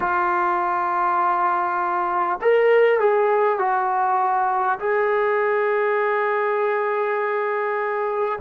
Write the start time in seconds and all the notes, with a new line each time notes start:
0.00 F4
2.41 A#4
2.99 G#4
3.58 F#4
4.79 G#4